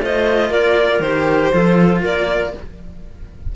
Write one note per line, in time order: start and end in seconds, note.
0.00 0.50 A3
0.00 1.03 F4
0.00 0.50 C5
0.00 0.53 D#5
0.50 1.00 A#3
0.50 1.51 A#4
0.50 1.02 D5
1.00 1.51 D#3
1.00 1.53 G4
1.00 2.02 C5
1.53 2.03 F3
1.53 2.54 F4
1.53 2.02 A4
2.02 2.53 A#3
2.02 2.52 A#4
2.02 2.56 D5